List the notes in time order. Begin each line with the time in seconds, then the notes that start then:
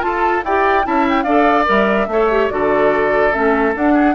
0.00 F4 A4 A5
0.44 E4 G4 D5 G5
0.83 C#4 E4 E5 A5
1.09 G5
1.23 D4 A4 D5 F5
1.66 G3 A#4 E5
2.07 A3 A4 C#5
2.31 G4
2.50 D3 F#4 A4 D5
3.32 A3 C#4 E5
3.75 D4 F#5
3.94 G#4